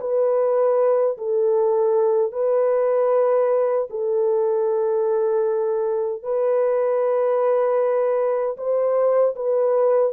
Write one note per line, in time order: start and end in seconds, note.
0.00 1.17 B4
1.17 2.32 A4
2.32 3.87 B4
3.90 6.23 A4
6.23 8.56 B4
8.56 9.34 C5
9.35 10.12 B4